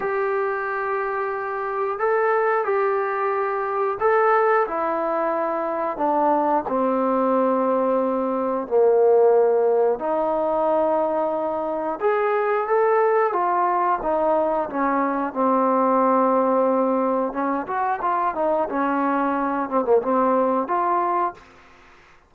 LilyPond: \new Staff \with { instrumentName = "trombone" } { \time 4/4 \tempo 4 = 90 g'2. a'4 | g'2 a'4 e'4~ | e'4 d'4 c'2~ | c'4 ais2 dis'4~ |
dis'2 gis'4 a'4 | f'4 dis'4 cis'4 c'4~ | c'2 cis'8 fis'8 f'8 dis'8 | cis'4. c'16 ais16 c'4 f'4 | }